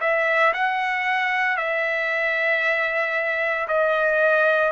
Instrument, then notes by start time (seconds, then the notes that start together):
trumpet
0.00 E5
0.53 F#5
1.57 E5
3.67 D#5